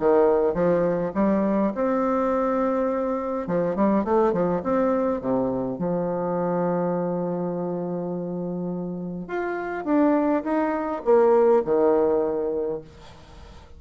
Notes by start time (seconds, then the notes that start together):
0.00 D#3
0.54 F3
1.15 G3
1.75 C4
3.47 F3
3.76 G3
4.05 A3
4.33 F3
4.63 C4
5.21 C3
5.78 F3
9.28 F4
9.85 D4
10.44 D#4
11.05 A#3
11.65 D#3